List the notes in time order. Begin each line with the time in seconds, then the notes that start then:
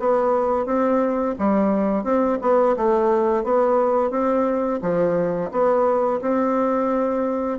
0.00 B3
0.66 C4
1.39 G3
2.04 C4
2.42 B3
2.77 A3
3.44 B3
4.11 C4
4.82 F3
5.52 B3
6.22 C4